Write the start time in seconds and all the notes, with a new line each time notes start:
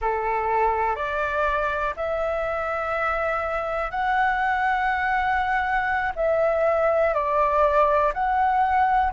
0.00 A4
0.95 D5
1.96 E5
3.91 F#5
6.15 E5
7.14 D5
8.13 F#5